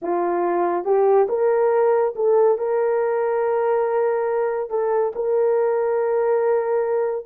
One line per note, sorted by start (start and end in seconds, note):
0.02 0.84 F4
0.84 1.27 G4
1.29 2.14 A#4
2.15 2.58 A4
2.58 4.69 A#4
4.69 5.12 A4
5.15 7.25 A#4